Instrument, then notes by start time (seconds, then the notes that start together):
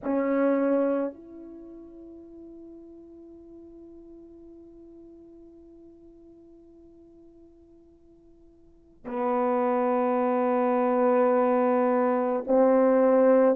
horn
0.03 C#4
1.13 E4
9.05 B3
12.47 C4